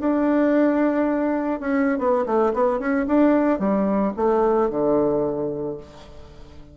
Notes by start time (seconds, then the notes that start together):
0.00 D4
1.60 C#4
1.98 B3
2.26 A3
2.53 B3
2.79 C#4
3.07 D4
3.59 G3
4.16 A3
4.70 D3